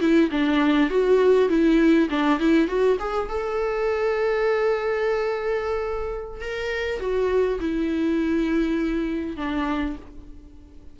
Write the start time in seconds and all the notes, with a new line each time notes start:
0.00 E4
0.31 D4
0.90 F#4
1.49 E4
2.09 D4
2.39 E4
2.68 F#4
2.99 G#4
3.29 A4
6.41 A#4
6.99 F#4
7.60 E4
9.36 D4